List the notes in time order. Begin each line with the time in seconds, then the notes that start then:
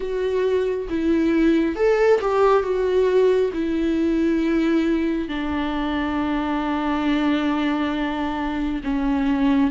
0.00 F#4
0.89 E4
1.75 A4
2.21 G4
2.62 F#4
3.53 E4
5.28 D4
8.83 C#4